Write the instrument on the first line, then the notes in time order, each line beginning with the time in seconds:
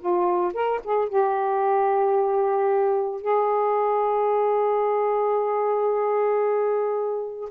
saxophone
0.00 F4
0.54 A#4
0.84 G#4
1.09 G4
3.21 G#4